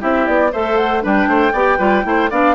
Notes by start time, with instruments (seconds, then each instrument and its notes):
0.00 bassoon C4, clarinet E4, oboe G4, flute E5
0.27 bassoon B3, flute D5
0.53 bassoon A3, clarinet A4, oboe C5, flute E5
0.77 flute F#5
1.02 bassoon G3, clarinet D4, oboe B4, flute G5
1.28 bassoon A3, oboe C5
1.53 bassoon B3, clarinet G4, oboe D5
1.78 bassoon G3, clarinet F4, oboe B4
2.04 bassoon A3, clarinet E4, oboe C5
2.31 bassoon B3, clarinet D4, oboe D5, flute F5